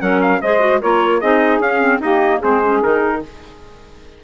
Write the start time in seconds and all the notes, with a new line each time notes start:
0.00 F#3 C#4 A#4 F#5
0.22 F5
0.42 G#3 G#4 C5 D#5
0.60 F#4
0.80 A#3 F4 A#4 C#5
1.20 C4 D#4 G#4 D#5
1.60 C#4 F5
1.81 C4
2.00 A#3 D#4 G4 D#5
2.40 G#3 C4 G#4 C5
2.64 C#4
2.83 D#3 D#4 A#4